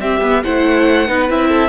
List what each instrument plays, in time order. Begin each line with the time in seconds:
0.00 viola C4, cello C4, violin G4 E5
0.21 cello B3, viola B3
0.43 cello A3, viola E4, violin C5 F#5
1.07 cello B3, viola D#4, violin B4
1.28 cello C4, viola E4, violin E5
1.49 violin A4